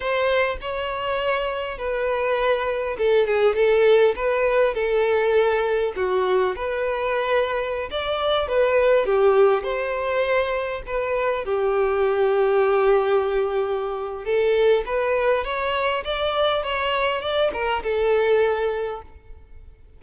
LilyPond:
\new Staff \with { instrumentName = "violin" } { \time 4/4 \tempo 4 = 101 c''4 cis''2 b'4~ | b'4 a'8 gis'8 a'4 b'4 | a'2 fis'4 b'4~ | b'4~ b'16 d''4 b'4 g'8.~ |
g'16 c''2 b'4 g'8.~ | g'1 | a'4 b'4 cis''4 d''4 | cis''4 d''8 ais'8 a'2 | }